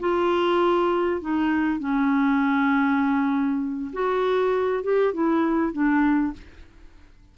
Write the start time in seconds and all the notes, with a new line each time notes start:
0.00 F4
1.21 D#4
1.80 C#4
3.93 F#4
4.84 G4
5.13 E4
5.73 D4